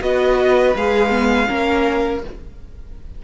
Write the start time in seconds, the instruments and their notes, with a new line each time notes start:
0.00 cello B3, viola F#4, violin B4 D#5
0.75 cello G#3, viola G#4, violin F5
1.09 viola B3
1.47 cello A#3, viola C#4, violin A#4